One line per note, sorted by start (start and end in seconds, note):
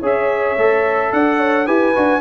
0.00 0.57 C#4
0.00 0.58 G#4
0.00 1.10 C#5
0.00 1.13 E5
0.57 1.12 A3
0.57 1.67 A4
1.13 1.68 D4
1.13 1.39 D5
1.13 1.67 F#5
1.39 1.66 C#5
1.66 1.95 E4
1.66 1.94 G4
1.66 2.21 B4
1.66 2.21 G#5
1.96 2.21 D4
1.96 2.21 F#4